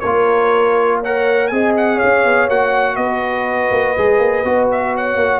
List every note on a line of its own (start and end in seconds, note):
0.00 1.51 A#3
0.00 1.04 F4
0.00 0.99 A#4
0.00 0.98 C#5
1.00 1.52 A#4
1.00 1.49 C#5
1.00 1.47 F#5
1.47 2.01 C4
1.47 2.50 G#4
1.47 1.95 D#5
1.47 1.72 G#5
1.77 1.99 F#5
1.95 2.94 C#5
1.95 2.48 F5
2.03 2.24 C#4
2.24 2.49 B3
2.49 2.97 A#3
2.49 3.97 F#4
2.49 2.96 F#5
2.96 3.70 B3
2.96 4.94 B4
2.96 4.68 D#5
3.71 3.96 A#3
3.97 4.18 G#3
3.97 4.45 G#4
4.18 4.43 A#3
4.44 5.16 B3
4.44 5.40 F#4
4.72 4.96 E5
4.94 5.40 C#5
4.94 5.40 F#5
5.16 5.40 A#3